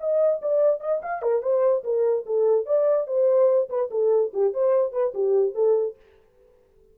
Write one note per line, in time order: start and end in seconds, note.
0.00 0.41 D#5
0.42 0.81 D5
0.81 1.01 D#5
1.03 1.22 F5
1.22 1.42 A#4
1.42 1.84 C5
1.84 2.26 A#4
2.26 2.66 A4
2.66 3.07 D5
3.07 3.69 C5
3.70 3.90 B4
3.91 4.32 A4
4.34 4.54 G4
4.54 4.93 C5
4.93 5.13 B4
5.14 5.55 G4
5.55 5.96 A4